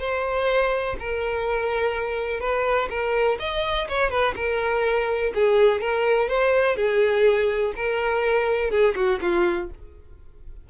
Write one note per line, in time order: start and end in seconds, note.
0.00 0.97 C5
1.00 2.41 A#4
2.41 2.89 B4
2.90 3.38 A#4
3.40 3.88 D#5
3.89 4.10 C#5
4.10 4.35 B4
4.36 5.33 A#4
5.35 5.81 G#4
5.81 6.29 A#4
6.29 6.77 C5
6.77 7.73 G#4
7.76 8.71 A#4
8.71 8.95 G#4
8.96 9.20 F#4
9.22 9.70 F4